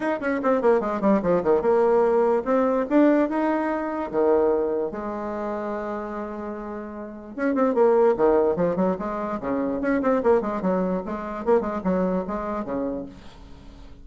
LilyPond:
\new Staff \with { instrumentName = "bassoon" } { \time 4/4 \tempo 4 = 147 dis'8 cis'8 c'8 ais8 gis8 g8 f8 dis8 | ais2 c'4 d'4 | dis'2 dis2 | gis1~ |
gis2 cis'8 c'8 ais4 | dis4 f8 fis8 gis4 cis4 | cis'8 c'8 ais8 gis8 fis4 gis4 | ais8 gis8 fis4 gis4 cis4 | }